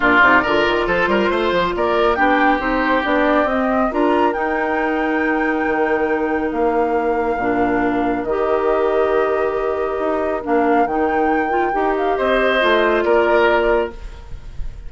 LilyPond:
<<
  \new Staff \with { instrumentName = "flute" } { \time 4/4 \tempo 4 = 138 d''2 c''2 | d''4 g''4 c''4 d''4 | dis''4 ais''4 g''2~ | g''2. f''4~ |
f''2. dis''4~ | dis''1 | f''4 g''2~ g''8 f''8 | dis''2 d''2 | }
  \new Staff \with { instrumentName = "oboe" } { \time 4/4 f'4 ais'4 a'8 ais'8 c''4 | ais'4 g'2.~ | g'4 ais'2.~ | ais'1~ |
ais'1~ | ais'1~ | ais'1 | c''2 ais'2 | }
  \new Staff \with { instrumentName = "clarinet" } { \time 4/4 d'8 dis'8 f'2.~ | f'4 d'4 dis'4 d'4 | c'4 f'4 dis'2~ | dis'1~ |
dis'4 d'2 g'4~ | g'1 | d'4 dis'4. f'8 g'4~ | g'4 f'2. | }
  \new Staff \with { instrumentName = "bassoon" } { \time 4/4 ais,8 c8 d8 dis8 f8 g8 a8 f8 | ais4 b4 c'4 b4 | c'4 d'4 dis'2~ | dis'4 dis2 ais4~ |
ais4 ais,2 dis4~ | dis2. dis'4 | ais4 dis2 dis'4 | c'4 a4 ais2 | }
>>